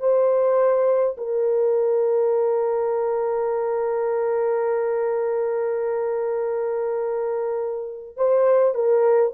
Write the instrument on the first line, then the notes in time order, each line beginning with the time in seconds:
horn
0.00 C5
1.18 A#4
8.17 C5
8.75 A#4